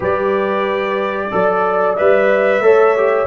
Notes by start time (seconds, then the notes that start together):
0.00 G3 G4 B4 D5
1.31 F#3 A4 D5
1.96 G3 B4 E5
2.59 A3 A4 C#5
2.96 G4